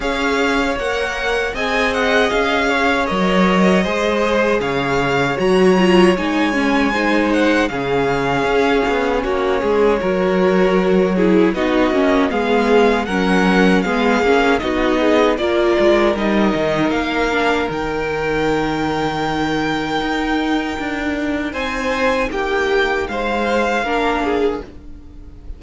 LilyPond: <<
  \new Staff \with { instrumentName = "violin" } { \time 4/4 \tempo 4 = 78 f''4 fis''4 gis''8 fis''8 f''4 | dis''2 f''4 ais''4 | gis''4. fis''8 f''2 | cis''2. dis''4 |
f''4 fis''4 f''4 dis''4 | d''4 dis''4 f''4 g''4~ | g''1 | gis''4 g''4 f''2 | }
  \new Staff \with { instrumentName = "violin" } { \time 4/4 cis''2 dis''4. cis''8~ | cis''4 c''4 cis''2~ | cis''4 c''4 gis'2 | fis'8 gis'8 ais'4. gis'8 fis'4 |
gis'4 ais'4 gis'4 fis'8 gis'8 | ais'1~ | ais'1 | c''4 g'4 c''4 ais'8 gis'8 | }
  \new Staff \with { instrumentName = "viola" } { \time 4/4 gis'4 ais'4 gis'2 | ais'4 gis'2 fis'8 f'8 | dis'8 cis'8 dis'4 cis'2~ | cis'4 fis'4. e'8 dis'8 cis'8 |
b4 cis'4 b8 cis'8 dis'4 | f'4 dis'4. d'8 dis'4~ | dis'1~ | dis'2. d'4 | }
  \new Staff \with { instrumentName = "cello" } { \time 4/4 cis'4 ais4 c'4 cis'4 | fis4 gis4 cis4 fis4 | gis2 cis4 cis'8 b8 | ais8 gis8 fis2 b8 ais8 |
gis4 fis4 gis8 ais8 b4 | ais8 gis8 g8 dis8 ais4 dis4~ | dis2 dis'4 d'4 | c'4 ais4 gis4 ais4 | }
>>